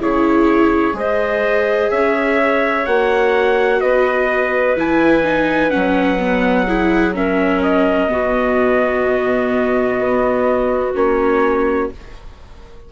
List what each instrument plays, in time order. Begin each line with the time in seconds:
0.00 bassoon C#3, viola E4, clarinet G#4, trumpet C#5
0.93 bassoon G#3, viola G#4, clarinet C5, trumpet D#5
1.90 bassoon C#4, clarinet C#5, trumpet E5
2.86 bassoon A#3, viola F#4, trumpet F#5
3.81 bassoon B3, clarinet B4, trumpet D#5
4.76 bassoon E3, viola E4, trumpet G#5
5.24 viola D#4
5.70 bassoon F#3, viola C#4, trumpet F#5
6.19 viola B3
6.66 viola E4, clarinet G#4
7.14 viola C#4, clarinet A#4, trumpet E5
7.62 trumpet D#5
8.08 bassoon B2, viola B3, clarinet F#4
9.98 bassoon B3
10.94 bassoon A#3, viola C#4, trumpet C#5